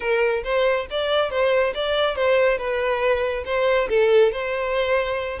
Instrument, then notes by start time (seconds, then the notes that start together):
violin
0.00 A#4
0.43 C5
0.90 D5
1.30 C5
1.74 D5
2.15 C5
2.57 B4
3.45 C5
3.88 A4
4.31 C5